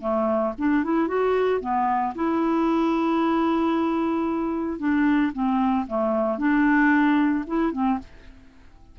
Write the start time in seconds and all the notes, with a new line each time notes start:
0.00 A3
0.58 D4
0.84 E4
1.07 F#4
1.60 B3
2.15 E4
4.79 D4
5.33 C4
5.87 A3
6.38 D4
7.46 E4
7.72 C4